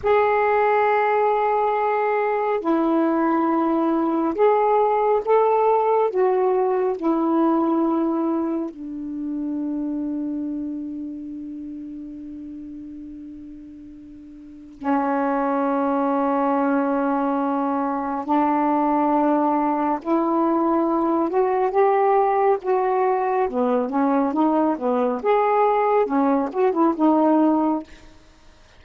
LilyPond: \new Staff \with { instrumentName = "saxophone" } { \time 4/4 \tempo 4 = 69 gis'2. e'4~ | e'4 gis'4 a'4 fis'4 | e'2 d'2~ | d'1~ |
d'4 cis'2.~ | cis'4 d'2 e'4~ | e'8 fis'8 g'4 fis'4 b8 cis'8 | dis'8 b8 gis'4 cis'8 fis'16 e'16 dis'4 | }